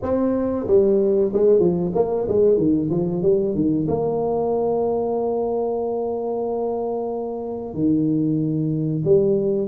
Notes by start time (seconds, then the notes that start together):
0.02 C4
0.67 G3
1.33 G#3
1.59 F3
1.94 A#3
2.28 G#3
2.57 D#3
2.90 F3
3.22 G3
3.55 D#3
3.88 A#3
7.74 D#3
9.04 G3